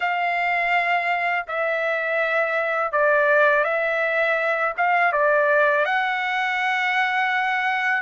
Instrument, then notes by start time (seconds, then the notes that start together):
trumpet
0.00 F5
1.47 E5
2.91 D5
3.64 E5
4.77 F5
5.12 D5
5.85 F#5